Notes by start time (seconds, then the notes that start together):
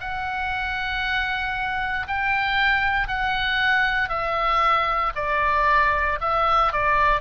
0.00 F#5
2.07 G5
3.08 F#5
4.09 E5
5.15 D5
6.20 E5
6.72 D5